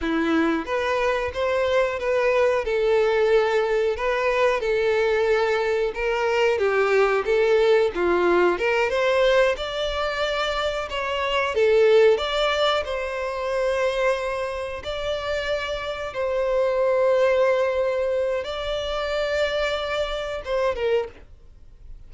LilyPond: \new Staff \with { instrumentName = "violin" } { \time 4/4 \tempo 4 = 91 e'4 b'4 c''4 b'4 | a'2 b'4 a'4~ | a'4 ais'4 g'4 a'4 | f'4 ais'8 c''4 d''4.~ |
d''8 cis''4 a'4 d''4 c''8~ | c''2~ c''8 d''4.~ | d''8 c''2.~ c''8 | d''2. c''8 ais'8 | }